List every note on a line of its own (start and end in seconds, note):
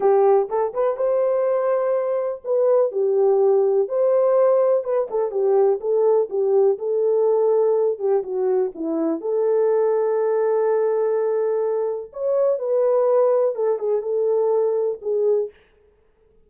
0.00 0.48 G4
0.49 0.73 A4
0.73 0.96 B4
0.96 2.41 C5
2.44 2.91 B4
2.91 3.88 G4
3.88 4.83 C5
4.83 5.08 B4
5.10 5.31 A4
5.31 5.79 G4
5.80 6.28 A4
6.29 6.77 G4
6.78 7.98 A4
7.98 8.23 G4
8.23 8.71 F#4
8.74 9.20 E4
9.20 12.11 A4
12.13 12.58 C#5
12.58 13.55 B4
13.55 13.78 A4
13.78 14.02 G#4
14.02 14.98 A4
15.01 15.50 G#4